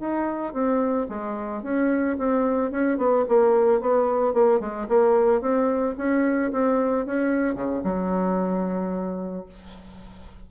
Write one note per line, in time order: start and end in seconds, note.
0.00 0.53 D#4
0.53 1.07 C4
1.09 1.63 G#3
1.63 2.17 C#4
2.18 2.71 C4
2.71 2.98 C#4
2.98 3.25 B3
3.29 3.81 A#3
3.81 4.34 B3
4.34 4.60 A#3
4.60 4.87 G#3
4.89 5.41 A#3
5.41 5.95 C4
5.98 6.52 C#4
6.52 7.06 C4
7.06 7.55 C#4
7.55 7.82 C#3
7.84 9.46 F#3